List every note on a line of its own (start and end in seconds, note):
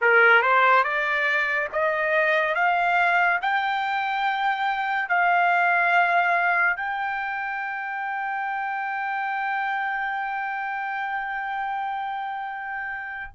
0.01 0.41 A#4
0.41 0.83 C5
0.83 1.67 D5
1.72 2.55 D#5
2.55 3.39 F5
3.41 5.08 G5
5.08 6.76 F5
6.76 13.31 G5